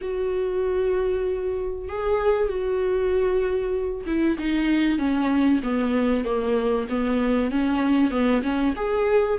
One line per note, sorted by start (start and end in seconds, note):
0.01 1.88 F#4
1.88 2.48 G#4
2.48 4.05 F#4
4.06 4.37 E4
4.38 4.98 D#4
4.98 5.61 C#4
5.63 6.24 B3
6.24 6.87 A#3
6.89 7.51 B3
7.51 8.11 C#4
8.11 8.42 B3
8.42 8.74 C#4
8.76 9.38 G#4